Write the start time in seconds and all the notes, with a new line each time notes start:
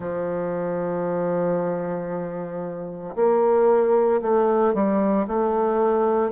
0.00 F3
3.15 A#3
4.21 A3
4.74 G3
5.27 A3